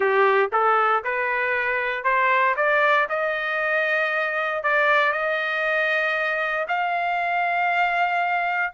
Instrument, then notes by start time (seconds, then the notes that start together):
trumpet
0.00 G4
0.52 A4
1.03 B4
2.03 C5
2.56 D5
3.09 D#5
4.63 D5
5.12 D#5
6.67 F5